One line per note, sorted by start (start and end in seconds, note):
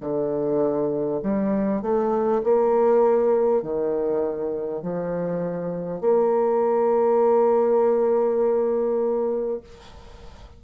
0.00 1.20 D3
1.22 1.81 G3
1.81 2.41 A3
2.43 3.62 A#3
3.62 4.82 D#3
4.82 6.01 F3
6.01 9.61 A#3